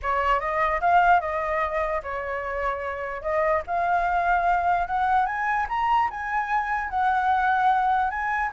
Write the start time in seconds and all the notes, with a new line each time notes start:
0.02 C#5
0.40 D#5
0.80 F5
1.20 D#5
2.03 C#5
3.22 D#5
3.66 F5
4.87 F#5
5.25 G#5
5.69 A#5
6.10 G#5
6.89 F#5
8.10 G#5